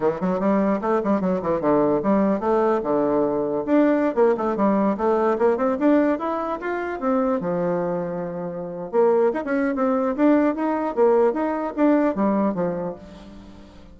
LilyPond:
\new Staff \with { instrumentName = "bassoon" } { \time 4/4 \tempo 4 = 148 e8 fis8 g4 a8 g8 fis8 e8 | d4 g4 a4 d4~ | d4 d'4~ d'16 ais8 a8 g8.~ | g16 a4 ais8 c'8 d'4 e'8.~ |
e'16 f'4 c'4 f4.~ f16~ | f2 ais4 dis'16 cis'8. | c'4 d'4 dis'4 ais4 | dis'4 d'4 g4 f4 | }